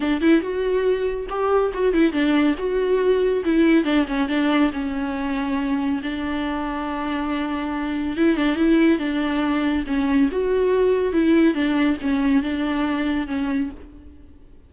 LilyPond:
\new Staff \with { instrumentName = "viola" } { \time 4/4 \tempo 4 = 140 d'8 e'8 fis'2 g'4 | fis'8 e'8 d'4 fis'2 | e'4 d'8 cis'8 d'4 cis'4~ | cis'2 d'2~ |
d'2. e'8 d'8 | e'4 d'2 cis'4 | fis'2 e'4 d'4 | cis'4 d'2 cis'4 | }